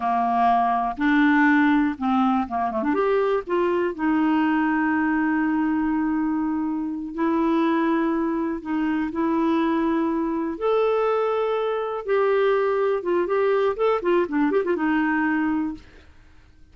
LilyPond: \new Staff \with { instrumentName = "clarinet" } { \time 4/4 \tempo 4 = 122 ais2 d'2 | c'4 ais8 a16 d'16 g'4 f'4 | dis'1~ | dis'2~ dis'8 e'4.~ |
e'4. dis'4 e'4.~ | e'4. a'2~ a'8~ | a'8 g'2 f'8 g'4 | a'8 f'8 d'8 g'16 f'16 dis'2 | }